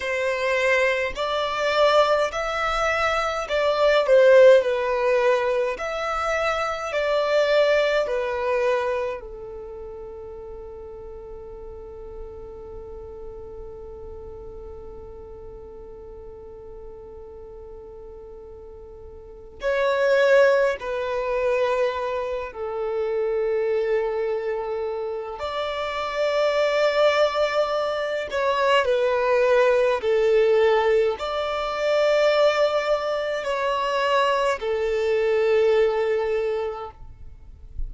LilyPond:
\new Staff \with { instrumentName = "violin" } { \time 4/4 \tempo 4 = 52 c''4 d''4 e''4 d''8 c''8 | b'4 e''4 d''4 b'4 | a'1~ | a'1~ |
a'4 cis''4 b'4. a'8~ | a'2 d''2~ | d''8 cis''8 b'4 a'4 d''4~ | d''4 cis''4 a'2 | }